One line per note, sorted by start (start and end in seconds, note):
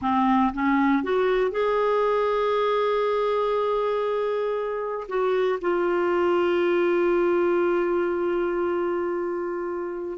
0.01 0.52 C4
0.53 1.03 C#4
1.03 1.51 F#4
1.51 5.07 G#4
5.08 5.59 F#4
5.61 10.18 F4